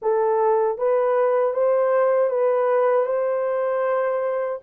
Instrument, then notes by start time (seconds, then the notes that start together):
horn
0.02 A4
0.78 B4
1.53 C5
2.30 B4
3.06 C5